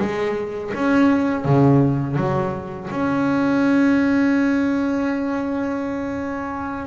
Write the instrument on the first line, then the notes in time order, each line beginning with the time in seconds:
double bass
0.00 G#3
0.75 C#4
1.45 C#3
2.17 F#3
2.91 C#4